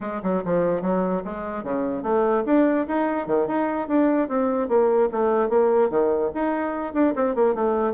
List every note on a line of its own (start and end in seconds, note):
0.01 0.21 G#3
0.22 0.43 F#3
0.44 0.81 F3
0.81 1.22 F#3
1.24 1.63 G#3
1.63 2.02 C#3
2.02 2.43 A3
2.45 2.86 D4
2.87 3.26 D#4
3.26 3.47 D#3
3.47 3.88 D#4
3.88 4.28 D4
4.28 4.68 C4
4.68 5.09 A#3
5.11 5.49 A3
5.49 5.89 A#3
5.90 6.30 D#3
6.34 6.93 D#4
6.93 7.14 D4
7.15 7.35 C4
7.35 7.54 A#3
7.54 7.93 A3